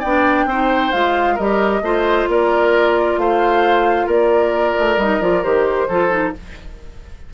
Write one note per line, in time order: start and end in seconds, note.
0.00 0.46 B3
0.00 0.50 D4
0.00 0.45 D5
0.00 0.92 G5
0.46 0.91 C4
0.46 0.93 D#4
0.46 1.35 C5
0.92 1.39 G#3
0.92 1.38 F4
0.92 1.37 F5
1.35 1.82 G3
1.35 1.84 G4
1.35 1.80 A#4
1.35 2.28 D#5
1.82 2.27 A3
1.82 5.00 F4
1.82 2.29 C5
2.28 3.18 A#3
2.28 3.20 A#4
2.28 3.19 D5
3.18 4.07 A3
3.18 4.07 C5
3.18 4.09 F5
4.07 4.75 A#3
4.07 5.87 A#4
4.07 5.00 D5
4.79 4.97 A3
4.97 5.20 G3
4.97 5.22 D#4
4.97 5.22 D#5
5.21 5.43 F3
5.21 5.43 F4
5.21 5.44 D5
5.43 5.89 D#3
5.43 5.88 G4
5.43 6.34 C5
5.89 6.34 F3
5.89 6.10 F4
5.89 6.34 A4
6.10 6.33 D#4